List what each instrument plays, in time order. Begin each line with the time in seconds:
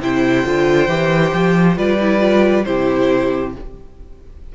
0.00 cello C3, viola E4, violin C5 G5
0.46 cello D3, viola F4
0.88 cello E3, viola G4
1.33 cello F3
1.76 cello G3, viola F4, violin B4 D5
2.01 viola E4
2.20 viola F4
2.65 cello C3, viola E4, violin G4 C5